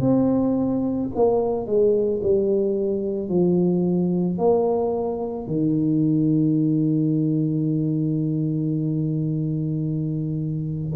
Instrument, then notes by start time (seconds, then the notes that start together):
tuba
0.00 C4
1.15 A#3
1.66 G#3
2.23 G3
3.29 F3
4.38 A#3
5.47 D#3